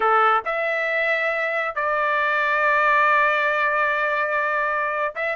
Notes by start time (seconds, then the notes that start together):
0.00 A4
0.45 E5
1.75 D5
5.15 E5